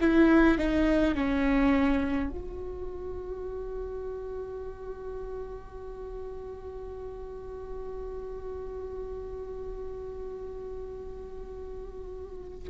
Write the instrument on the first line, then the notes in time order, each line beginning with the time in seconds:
viola
0.00 E4
0.58 D#4
1.14 C#4
2.30 F#4